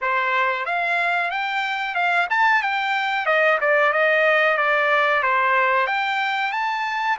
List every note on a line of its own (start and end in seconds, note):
0.01 0.65 C5
0.65 1.30 F5
1.30 1.94 G5
1.94 2.27 F5
2.29 2.62 A5
2.62 3.25 G5
3.25 3.58 D#5
3.60 3.92 D5
3.92 4.57 D#5
4.57 5.22 D5
5.22 5.86 C5
5.86 6.52 G5
6.52 7.17 A5